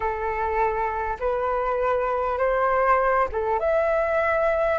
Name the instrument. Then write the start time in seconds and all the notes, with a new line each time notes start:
flute
0.00 A4
1.19 B4
2.38 C5
3.32 A4
3.59 E5